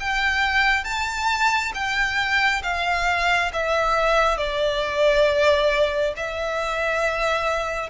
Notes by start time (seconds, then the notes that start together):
0.00 G5
0.84 A5
1.74 G5
2.63 F5
3.53 E5
4.38 D5
6.17 E5